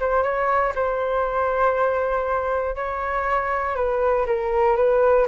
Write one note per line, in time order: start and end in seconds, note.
0.00 0.23 C5
0.23 0.73 C#5
0.75 2.75 C5
2.75 3.76 C#5
3.76 4.26 B4
4.27 4.76 A#4
4.76 5.27 B4